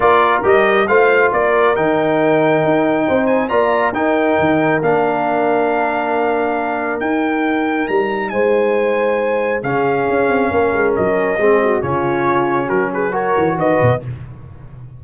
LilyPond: <<
  \new Staff \with { instrumentName = "trumpet" } { \time 4/4 \tempo 4 = 137 d''4 dis''4 f''4 d''4 | g''2.~ g''8 gis''8 | ais''4 g''2 f''4~ | f''1 |
g''2 ais''4 gis''4~ | gis''2 f''2~ | f''4 dis''2 cis''4~ | cis''4 ais'8 b'8 cis''4 dis''4 | }
  \new Staff \with { instrumentName = "horn" } { \time 4/4 ais'2 c''4 ais'4~ | ais'2. c''4 | d''4 ais'2.~ | ais'1~ |
ais'2. c''4~ | c''2 gis'2 | ais'2 gis'8 fis'8 f'4~ | f'4 fis'8 gis'8 ais'4 b'4 | }
  \new Staff \with { instrumentName = "trombone" } { \time 4/4 f'4 g'4 f'2 | dis'1 | f'4 dis'2 d'4~ | d'1 |
dis'1~ | dis'2 cis'2~ | cis'2 c'4 cis'4~ | cis'2 fis'2 | }
  \new Staff \with { instrumentName = "tuba" } { \time 4/4 ais4 g4 a4 ais4 | dis2 dis'4 c'4 | ais4 dis'4 dis4 ais4~ | ais1 |
dis'2 g4 gis4~ | gis2 cis4 cis'8 c'8 | ais8 gis8 fis4 gis4 cis4~ | cis4 fis4. e8 dis8 b,8 | }
>>